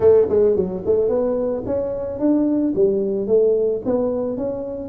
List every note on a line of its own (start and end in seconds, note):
0.00 0.27 A3
0.29 0.56 G#3
0.56 0.83 F#3
0.85 1.09 A3
1.09 1.63 B3
1.65 2.19 C#4
2.19 2.73 D4
2.75 3.27 G3
3.27 3.81 A3
3.85 4.37 B3
4.37 4.89 C#4